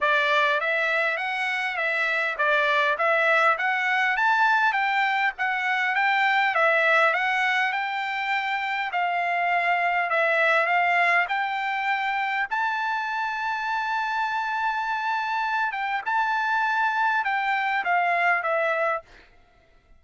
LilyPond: \new Staff \with { instrumentName = "trumpet" } { \time 4/4 \tempo 4 = 101 d''4 e''4 fis''4 e''4 | d''4 e''4 fis''4 a''4 | g''4 fis''4 g''4 e''4 | fis''4 g''2 f''4~ |
f''4 e''4 f''4 g''4~ | g''4 a''2.~ | a''2~ a''8 g''8 a''4~ | a''4 g''4 f''4 e''4 | }